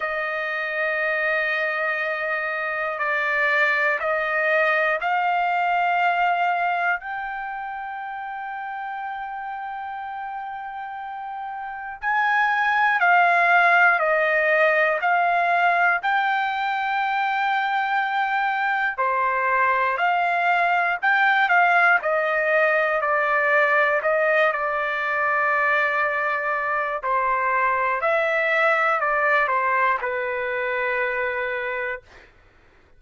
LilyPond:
\new Staff \with { instrumentName = "trumpet" } { \time 4/4 \tempo 4 = 60 dis''2. d''4 | dis''4 f''2 g''4~ | g''1 | gis''4 f''4 dis''4 f''4 |
g''2. c''4 | f''4 g''8 f''8 dis''4 d''4 | dis''8 d''2~ d''8 c''4 | e''4 d''8 c''8 b'2 | }